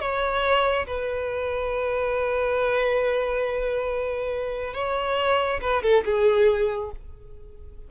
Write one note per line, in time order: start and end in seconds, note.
0.00 0.86 C#5
0.87 4.74 B4
4.74 5.60 C#5
5.61 5.83 B4
5.83 6.04 A4
6.05 6.91 G#4